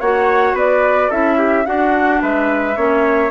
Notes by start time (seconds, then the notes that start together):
0.00 A#3 F#4 C#5 F#5
0.53 B3 B4 D5
1.09 C#4 E4 A4 E5
1.38 G4
1.65 D4 F#4 F#5
2.22 G#3 B4 E5
2.76 A#3 C#4 C#5